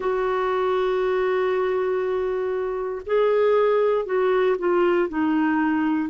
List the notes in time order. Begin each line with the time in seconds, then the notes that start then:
0.00 F#4
3.06 G#4
4.05 F#4
4.58 F4
5.08 D#4